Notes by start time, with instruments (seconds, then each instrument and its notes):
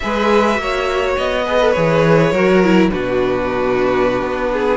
0.00 cello G#3, viola G#4, violin B4 E5
0.54 cello A#3, viola F#4
0.61 violin C#5
1.17 cello B3, violin D#5
1.44 viola G#4, violin B4
1.60 viola A4
1.71 cello E3, viola G#4, violin C#5
2.32 cello F#3, viola F#4, violin A#4
2.63 viola E4
2.90 cello B2, viola D4, violin F#4 B4
4.21 cello B3
4.52 violin G#4